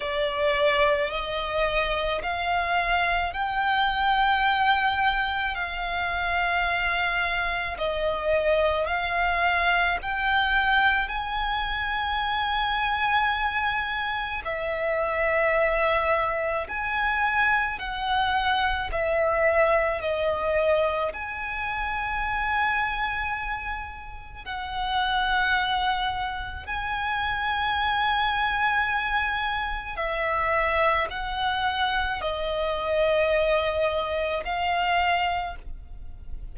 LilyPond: \new Staff \with { instrumentName = "violin" } { \time 4/4 \tempo 4 = 54 d''4 dis''4 f''4 g''4~ | g''4 f''2 dis''4 | f''4 g''4 gis''2~ | gis''4 e''2 gis''4 |
fis''4 e''4 dis''4 gis''4~ | gis''2 fis''2 | gis''2. e''4 | fis''4 dis''2 f''4 | }